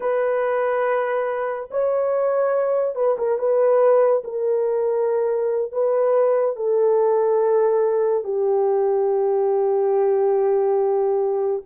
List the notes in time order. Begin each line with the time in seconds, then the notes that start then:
0.00 B4
1.71 C#5
2.95 B4
3.18 A#4
3.38 B4
4.24 A#4
5.72 B4
6.56 A4
8.24 G4